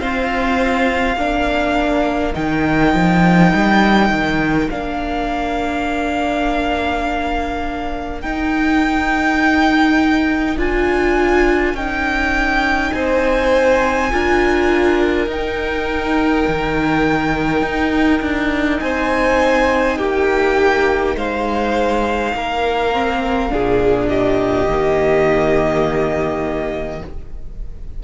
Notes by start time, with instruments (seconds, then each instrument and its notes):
0.00 viola C4, cello F4, violin C5 F5
1.15 cello A#3, viola D4, violin A#4
2.33 cello D#3, viola D#4, violin G5
2.94 cello F3
3.54 cello G3
4.10 cello D#3
4.70 cello A#3, viola D4, violin F5
8.21 viola D#4, cello D#4, violin G5
10.57 cello D4, viola F4, violin G#5
11.74 cello C#4, viola D#4, violin G5
12.93 cello C4, violin C5 G#5
14.11 cello D4, viola F4, violin A#4
15.27 cello D#4, viola D#4, violin G5
16.48 cello D#3
17.62 cello D#4
18.22 cello D4
18.80 cello C4, violin C5 G#5
19.98 cello A#3, violin G4 G5
21.16 cello G#3, violin C5 F5
22.34 cello A#3, violin A#4
22.92 viola C4
23.50 cello A#2, viola D4, violin G#4
24.09 violin G4 D#5
24.66 cello D#3, viola A#3